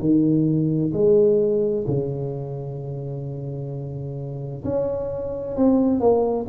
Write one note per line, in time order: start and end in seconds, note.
0.00 0.92 D#3
0.93 1.85 G#3
1.87 4.64 C#3
4.64 5.56 C#4
5.56 6.00 C4
6.00 6.46 A#3